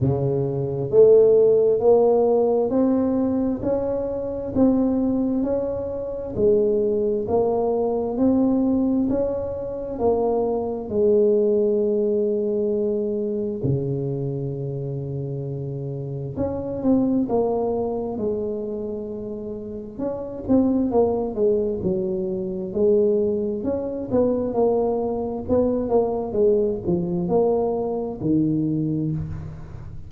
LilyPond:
\new Staff \with { instrumentName = "tuba" } { \time 4/4 \tempo 4 = 66 cis4 a4 ais4 c'4 | cis'4 c'4 cis'4 gis4 | ais4 c'4 cis'4 ais4 | gis2. cis4~ |
cis2 cis'8 c'8 ais4 | gis2 cis'8 c'8 ais8 gis8 | fis4 gis4 cis'8 b8 ais4 | b8 ais8 gis8 f8 ais4 dis4 | }